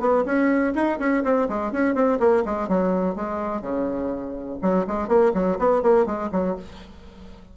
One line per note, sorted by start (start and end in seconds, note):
0.00 0.24 B3
0.25 0.73 C#4
0.74 0.99 D#4
0.99 1.23 C#4
1.24 1.48 C4
1.49 1.72 G#3
1.72 1.95 C#4
1.95 2.19 C4
2.19 2.43 A#3
2.45 2.68 G#3
2.68 3.15 F#3
3.15 3.62 G#3
3.62 4.58 C#3
4.62 4.86 F#3
4.87 5.08 G#3
5.08 5.32 A#3
5.34 5.58 F#3
5.58 5.82 B3
5.82 6.06 A#3
6.06 6.30 G#3
6.32 6.56 F#3